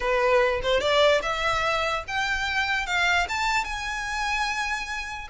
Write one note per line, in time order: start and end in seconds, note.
0.00 0.60 B4
0.63 0.80 C5
0.80 1.21 D5
1.22 2.04 E5
2.07 2.86 G5
2.86 3.27 F5
3.29 3.64 A5
3.64 5.27 G#5